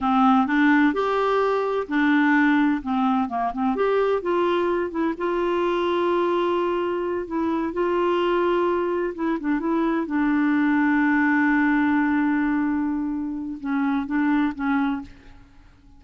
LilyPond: \new Staff \with { instrumentName = "clarinet" } { \time 4/4 \tempo 4 = 128 c'4 d'4 g'2 | d'2 c'4 ais8 c'8 | g'4 f'4. e'8 f'4~ | f'2.~ f'8 e'8~ |
e'8 f'2. e'8 | d'8 e'4 d'2~ d'8~ | d'1~ | d'4 cis'4 d'4 cis'4 | }